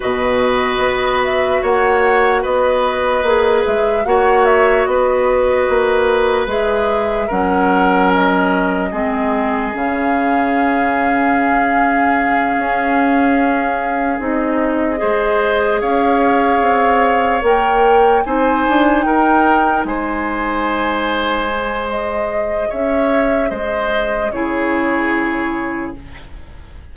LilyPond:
<<
  \new Staff \with { instrumentName = "flute" } { \time 4/4 \tempo 4 = 74 dis''4. e''8 fis''4 dis''4~ | dis''8 e''8 fis''8 e''8 dis''2 | e''4 fis''4 dis''2 | f''1~ |
f''4. dis''2 f''8~ | f''4. g''4 gis''4 g''8~ | g''8 gis''2~ gis''8 dis''4 | e''4 dis''4 cis''2 | }
  \new Staff \with { instrumentName = "oboe" } { \time 4/4 b'2 cis''4 b'4~ | b'4 cis''4 b'2~ | b'4 ais'2 gis'4~ | gis'1~ |
gis'2~ gis'8 c''4 cis''8~ | cis''2~ cis''8 c''4 ais'8~ | ais'8 c''2.~ c''8 | cis''4 c''4 gis'2 | }
  \new Staff \with { instrumentName = "clarinet" } { \time 4/4 fis'1 | gis'4 fis'2. | gis'4 cis'2 c'4 | cis'1~ |
cis'4. dis'4 gis'4.~ | gis'4. ais'4 dis'4.~ | dis'2~ dis'8 gis'4.~ | gis'2 e'2 | }
  \new Staff \with { instrumentName = "bassoon" } { \time 4/4 b,4 b4 ais4 b4 | ais8 gis8 ais4 b4 ais4 | gis4 fis2 gis4 | cis2.~ cis8 cis'8~ |
cis'4. c'4 gis4 cis'8~ | cis'8 c'4 ais4 c'8 d'8 dis'8~ | dis'8 gis2.~ gis8 | cis'4 gis4 cis2 | }
>>